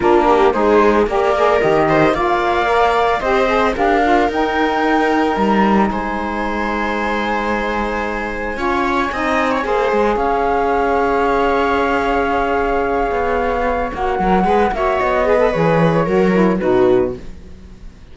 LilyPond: <<
  \new Staff \with { instrumentName = "flute" } { \time 4/4 \tempo 4 = 112 ais'4 c''4 d''4 dis''4 | f''2 dis''4 f''4 | g''2 ais''4 gis''4~ | gis''1~ |
gis''2. f''4~ | f''1~ | f''2 fis''4. e''8 | dis''4 cis''2 b'4 | }
  \new Staff \with { instrumentName = "viola" } { \time 4/4 f'8 g'8 gis'4 ais'4. c''8 | d''2 c''4 ais'4~ | ais'2. c''4~ | c''1 |
cis''4 dis''8. cis''16 c''4 cis''4~ | cis''1~ | cis''2. b'8 cis''8~ | cis''8 b'4. ais'4 fis'4 | }
  \new Staff \with { instrumentName = "saxophone" } { \time 4/4 d'4 dis'4 g'8 gis'8 g'4 | f'4 ais'4 g'8 gis'8 g'8 f'8 | dis'1~ | dis'1 |
f'4 dis'4 gis'2~ | gis'1~ | gis'2 fis'8 ais'8 gis'8 fis'8~ | fis'8 gis'16 a'16 gis'4 fis'8 e'8 dis'4 | }
  \new Staff \with { instrumentName = "cello" } { \time 4/4 ais4 gis4 ais4 dis4 | ais2 c'4 d'4 | dis'2 g4 gis4~ | gis1 |
cis'4 c'4 ais8 gis8 cis'4~ | cis'1~ | cis'8 b4. ais8 fis8 gis8 ais8 | b4 e4 fis4 b,4 | }
>>